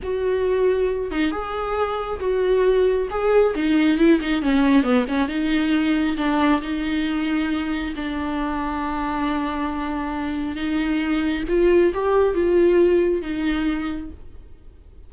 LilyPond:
\new Staff \with { instrumentName = "viola" } { \time 4/4 \tempo 4 = 136 fis'2~ fis'8 dis'8 gis'4~ | gis'4 fis'2 gis'4 | dis'4 e'8 dis'8 cis'4 b8 cis'8 | dis'2 d'4 dis'4~ |
dis'2 d'2~ | d'1 | dis'2 f'4 g'4 | f'2 dis'2 | }